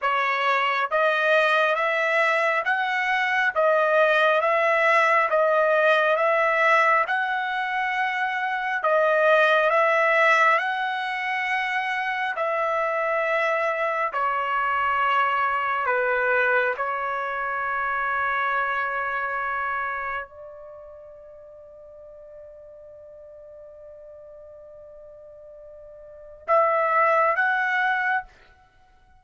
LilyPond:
\new Staff \with { instrumentName = "trumpet" } { \time 4/4 \tempo 4 = 68 cis''4 dis''4 e''4 fis''4 | dis''4 e''4 dis''4 e''4 | fis''2 dis''4 e''4 | fis''2 e''2 |
cis''2 b'4 cis''4~ | cis''2. d''4~ | d''1~ | d''2 e''4 fis''4 | }